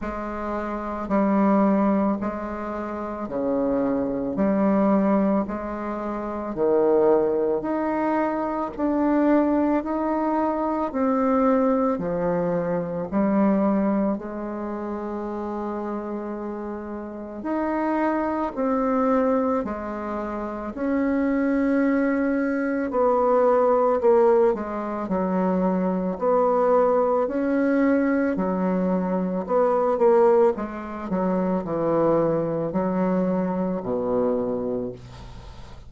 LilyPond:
\new Staff \with { instrumentName = "bassoon" } { \time 4/4 \tempo 4 = 55 gis4 g4 gis4 cis4 | g4 gis4 dis4 dis'4 | d'4 dis'4 c'4 f4 | g4 gis2. |
dis'4 c'4 gis4 cis'4~ | cis'4 b4 ais8 gis8 fis4 | b4 cis'4 fis4 b8 ais8 | gis8 fis8 e4 fis4 b,4 | }